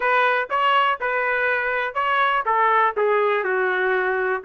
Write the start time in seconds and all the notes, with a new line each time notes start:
0.00 B4
0.50 C#5
1.00 B4
1.94 C#5
2.45 A4
2.96 G#4
3.44 F#4